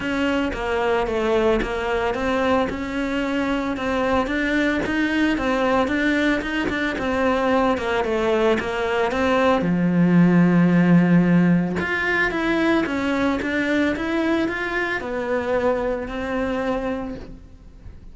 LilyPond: \new Staff \with { instrumentName = "cello" } { \time 4/4 \tempo 4 = 112 cis'4 ais4 a4 ais4 | c'4 cis'2 c'4 | d'4 dis'4 c'4 d'4 | dis'8 d'8 c'4. ais8 a4 |
ais4 c'4 f2~ | f2 f'4 e'4 | cis'4 d'4 e'4 f'4 | b2 c'2 | }